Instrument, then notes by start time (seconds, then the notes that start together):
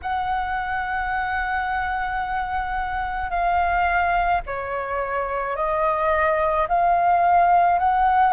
flute
0.02 F#5
3.30 F5
4.46 C#5
5.56 D#5
6.68 F5
7.78 F#5